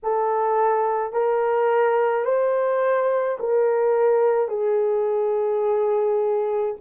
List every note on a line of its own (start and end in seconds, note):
0.03 1.12 A4
1.12 2.24 A#4
2.24 3.38 C5
3.39 4.48 A#4
4.48 6.75 G#4